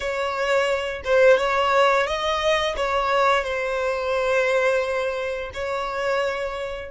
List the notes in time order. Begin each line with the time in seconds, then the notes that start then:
0.00 C#5
1.04 C5
1.37 C#5
2.06 D#5
2.76 C#5
3.44 C5
5.53 C#5